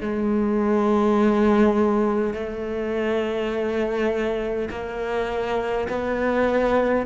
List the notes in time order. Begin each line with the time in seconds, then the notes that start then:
0.00 G#3
2.33 A3
4.70 A#3
5.88 B3